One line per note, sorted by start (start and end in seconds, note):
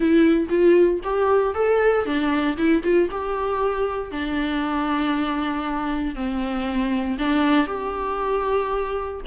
0.00 0.47 E4
0.49 1.00 F4
1.03 1.54 G4
1.54 2.05 A4
2.05 2.56 D4
2.57 2.82 E4
2.83 3.08 F4
3.10 4.11 G4
4.11 6.15 D4
6.15 7.17 C4
7.18 7.66 D4
7.66 9.20 G4